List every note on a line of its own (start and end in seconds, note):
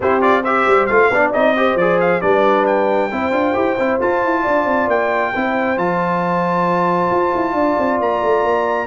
0.00 0.66 C4
0.00 0.20 E4
0.00 0.41 G4
0.00 0.21 C5
0.20 0.43 F4
0.20 0.43 D5
0.41 0.90 G4
0.41 1.07 C5
0.41 0.86 E5
0.66 0.89 G3
0.86 1.09 A3
0.86 1.12 F4
0.86 1.30 F5
1.09 1.32 B3
1.09 1.34 D4
1.09 1.57 D5
1.32 1.75 C4
1.32 1.56 D#4
1.32 1.77 D#5
1.56 1.78 G4
1.56 2.21 C5
1.75 2.19 F3
1.75 2.21 G#4
1.75 1.99 D5
2.00 2.21 F5
2.21 3.11 G3
2.21 3.10 D4
2.21 3.10 B4
2.21 2.65 D5
2.66 3.99 G5
3.11 3.31 C4
3.11 3.31 E4
3.11 4.42 C5
3.31 3.53 D4
3.31 3.54 F4
3.54 3.77 E4
3.54 3.76 G4
3.78 4.00 C4
3.78 4.00 E4
4.00 5.33 F4
4.00 4.23 F4
4.00 4.89 A5
4.23 4.45 E4
4.42 4.65 D4
4.42 5.31 D5
4.65 4.87 C4
4.87 5.31 A#3
4.87 5.78 G5
5.33 5.77 C4
5.33 5.76 E4
5.33 7.54 C5
5.76 7.10 F3
5.76 8.87 F4
5.76 8.00 A5
7.10 7.33 F4
7.34 7.53 E4
7.53 7.75 D4
7.53 8.87 D5
7.78 7.99 C4
7.99 8.21 A#3
7.99 8.87 A#5
8.23 8.43 A3
8.43 8.87 A#3